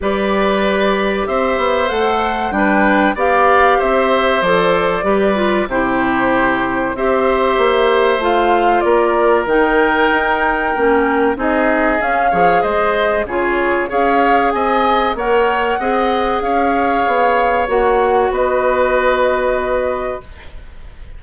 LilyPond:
<<
  \new Staff \with { instrumentName = "flute" } { \time 4/4 \tempo 4 = 95 d''2 e''4 fis''4 | g''4 f''4 e''4 d''4~ | d''4 c''2 e''4~ | e''4 f''4 d''4 g''4~ |
g''2 dis''4 f''4 | dis''4 cis''4 f''4 gis''4 | fis''2 f''2 | fis''4 dis''2. | }
  \new Staff \with { instrumentName = "oboe" } { \time 4/4 b'2 c''2 | b'4 d''4 c''2 | b'4 g'2 c''4~ | c''2 ais'2~ |
ais'2 gis'4. cis''8 | c''4 gis'4 cis''4 dis''4 | cis''4 dis''4 cis''2~ | cis''4 b'2. | }
  \new Staff \with { instrumentName = "clarinet" } { \time 4/4 g'2. a'4 | d'4 g'2 a'4 | g'8 f'8 e'2 g'4~ | g'4 f'2 dis'4~ |
dis'4 cis'4 dis'4 cis'8 gis'8~ | gis'4 f'4 gis'2 | ais'4 gis'2. | fis'1 | }
  \new Staff \with { instrumentName = "bassoon" } { \time 4/4 g2 c'8 b8 a4 | g4 b4 c'4 f4 | g4 c2 c'4 | ais4 a4 ais4 dis4 |
dis'4 ais4 c'4 cis'8 f8 | gis4 cis4 cis'4 c'4 | ais4 c'4 cis'4 b4 | ais4 b2. | }
>>